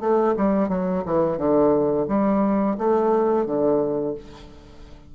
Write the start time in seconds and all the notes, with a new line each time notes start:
0.00 A3
0.36 G3
0.69 F#3
1.05 E3
1.37 D3
2.08 G3
2.78 A3
3.45 D3